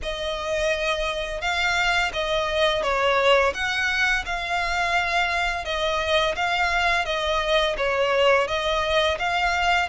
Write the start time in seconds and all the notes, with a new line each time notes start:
0.02 D#5
1.41 F5
2.13 D#5
2.82 C#5
3.54 F#5
4.25 F5
5.64 D#5
6.35 F5
7.05 D#5
7.77 C#5
8.47 D#5
9.19 F5